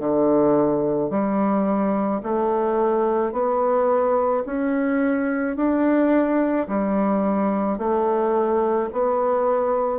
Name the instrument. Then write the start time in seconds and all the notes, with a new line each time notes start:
bassoon
0.00 D3
1.11 G3
2.23 A3
3.33 B3
4.46 C#4
5.57 D4
6.68 G3
7.79 A3
8.93 B3